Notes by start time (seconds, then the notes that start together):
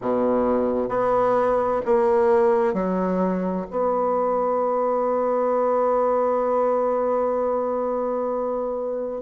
0.01 B2
0.89 B3
1.85 A#3
2.73 F#3
3.70 B3